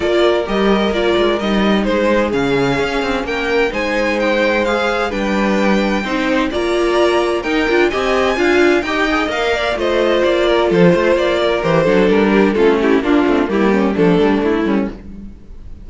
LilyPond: <<
  \new Staff \with { instrumentName = "violin" } { \time 4/4 \tempo 4 = 129 d''4 dis''4 d''4 dis''4 | c''4 f''2 g''4 | gis''4 g''4 f''4 g''4~ | g''2 ais''2 |
g''4 gis''2 g''4 | f''4 dis''4 d''4 c''4 | d''4 c''4 ais'4 a'8 g'8 | f'4 g'4 a'4 e'4 | }
  \new Staff \with { instrumentName = "violin" } { \time 4/4 ais'1 | gis'2. ais'4 | c''2. b'4~ | b'4 c''4 d''2 |
ais'4 dis''4 f''4 dis''4~ | dis''8 d''8 c''4. ais'8 a'8 c''8~ | c''8 ais'4 a'4 g'8 f'8 e'8 | d'4 e'8 cis'8 d'4. cis'8 | }
  \new Staff \with { instrumentName = "viola" } { \time 4/4 f'4 g'4 f'4 dis'4~ | dis'4 cis'2. | dis'2 gis'4 d'4~ | d'4 dis'4 f'2 |
dis'8 f'8 g'4 f'4 g'8 gis'8 | ais'4 f'2.~ | f'4 g'8 d'4. cis'4 | d'8 c'8 ais4 a2 | }
  \new Staff \with { instrumentName = "cello" } { \time 4/4 ais4 g4 ais8 gis8 g4 | gis4 cis4 cis'8 c'8 ais4 | gis2. g4~ | g4 c'4 ais2 |
dis'8 d'8 c'4 d'4 dis'4 | ais4 a4 ais4 f8 a8 | ais4 e8 fis8 g4 a4 | ais8 a8 g4 f8 g8 a8 g8 | }
>>